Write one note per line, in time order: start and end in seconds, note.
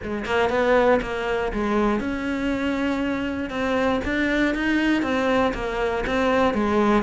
0.03 0.25 G#3
0.25 0.49 A#3
0.49 1.00 B3
1.02 1.52 A#3
1.52 2.00 G#3
2.00 3.50 C#4
3.50 4.00 C4
4.04 4.54 D4
4.54 5.02 D#4
5.02 5.52 C4
5.53 6.04 A#3
6.06 6.54 C4
6.54 7.02 G#3